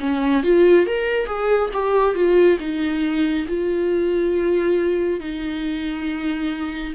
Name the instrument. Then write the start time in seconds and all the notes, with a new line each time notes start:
viola
0.00 C#4
0.43 F4
0.86 A#4
1.26 G#4
1.73 G4
2.15 F4
2.59 D#4
3.48 F4
5.20 D#4